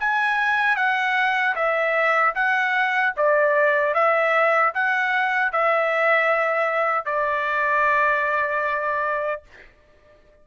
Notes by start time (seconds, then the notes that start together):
0.00 G#5
0.76 F#5
1.55 E5
2.35 F#5
3.17 D5
3.94 E5
4.74 F#5
5.53 E5
7.06 D5